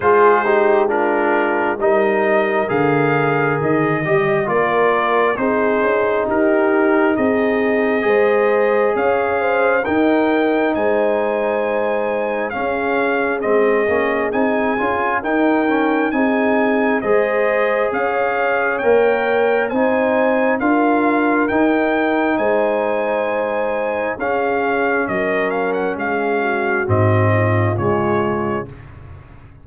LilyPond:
<<
  \new Staff \with { instrumentName = "trumpet" } { \time 4/4 \tempo 4 = 67 c''4 ais'4 dis''4 f''4 | dis''4 d''4 c''4 ais'4 | dis''2 f''4 g''4 | gis''2 f''4 dis''4 |
gis''4 g''4 gis''4 dis''4 | f''4 g''4 gis''4 f''4 | g''4 gis''2 f''4 | dis''8 f''16 fis''16 f''4 dis''4 cis''4 | }
  \new Staff \with { instrumentName = "horn" } { \time 4/4 gis'8 g'8 f'4 ais'2~ | ais'8 dis''8 ais'4 gis'4 g'4 | gis'4 c''4 cis''8 c''8 ais'4 | c''2 gis'2~ |
gis'4 ais'4 gis'4 c''4 | cis''2 c''4 ais'4~ | ais'4 c''2 gis'4 | ais'4 gis'8 fis'4 f'4. | }
  \new Staff \with { instrumentName = "trombone" } { \time 4/4 f'8 dis'8 d'4 dis'4 gis'4~ | gis'8 g'8 f'4 dis'2~ | dis'4 gis'2 dis'4~ | dis'2 cis'4 c'8 cis'8 |
dis'8 f'8 dis'8 cis'8 dis'4 gis'4~ | gis'4 ais'4 dis'4 f'4 | dis'2. cis'4~ | cis'2 c'4 gis4 | }
  \new Staff \with { instrumentName = "tuba" } { \time 4/4 gis2 g4 d4 | dis8 g8 ais4 c'8 cis'8 dis'4 | c'4 gis4 cis'4 dis'4 | gis2 cis'4 gis8 ais8 |
c'8 cis'8 dis'4 c'4 gis4 | cis'4 ais4 c'4 d'4 | dis'4 gis2 cis'4 | fis4 gis4 gis,4 cis4 | }
>>